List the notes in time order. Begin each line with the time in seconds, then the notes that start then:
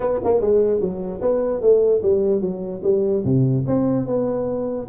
0.00 B3
0.24 A#3
0.41 G#3
0.80 F#3
1.21 B3
1.61 A3
2.02 G3
2.41 F#3
2.83 G3
3.24 C3
3.67 C4
4.06 B3